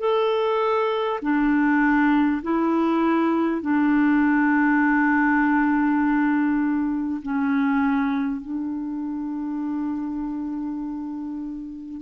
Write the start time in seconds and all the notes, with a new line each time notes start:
0.00 A4
1.22 D4
2.43 E4
3.62 D4
7.22 C#4
8.42 D4